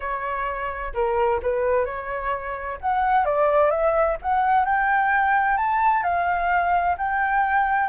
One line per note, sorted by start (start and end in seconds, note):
0.00 0.93 C#5
0.93 1.40 A#4
1.42 1.85 B4
1.85 2.78 C#5
2.80 3.25 F#5
3.25 3.70 D5
3.70 4.16 E5
4.22 4.65 F#5
4.65 5.57 G5
5.57 6.03 A5
6.03 6.96 F5
6.97 7.89 G5